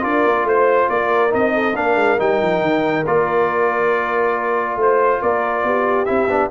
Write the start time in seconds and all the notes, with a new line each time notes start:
0.00 D4 F4 A#4 D5
0.25 A#3
0.44 A3 C5
0.89 A#3 A#4 D5
1.29 C4 D#4 D#5
1.54 A4
1.74 A#3 D4 A#4 F5
1.95 G#3
2.18 G3 D#4 G5
2.41 F3
2.61 D#3
3.06 A#3 F4 D5
4.76 A3 C5
5.21 A#3 A#4 D5
5.63 B3 G4
6.05 C4 E4 E5
6.27 B3 D4